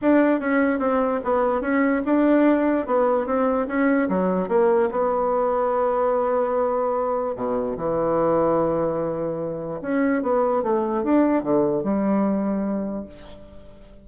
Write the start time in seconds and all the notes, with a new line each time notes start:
0.01 D4
0.40 C#4
0.79 C4
1.24 B3
1.61 C#4
2.05 D4
2.86 B3
3.26 C4
3.67 C#4
4.09 F#3
4.48 A#3
4.91 B3
7.35 B2
7.76 E3
9.81 C#4
10.22 B3
10.62 A3
11.03 D4
11.42 D3
11.83 G3